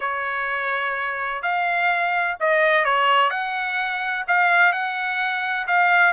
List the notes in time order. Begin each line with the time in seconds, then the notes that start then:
0.00 C#5
1.42 F5
2.39 D#5
2.84 C#5
3.30 F#5
4.27 F5
4.72 F#5
5.67 F5